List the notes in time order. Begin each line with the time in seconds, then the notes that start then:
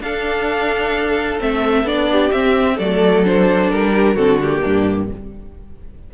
0.00 D4 A4 F5
1.39 A3 C4 E5
1.83 B3 D4 D5
2.11 G4
2.31 C4 E5
2.75 F#3 A3 A4 D5
3.24 D4 C5
3.70 G3 A#4
3.93 G4
4.14 D3 C4 F#4 A4
4.41 A#3 G4
4.61 G2 D4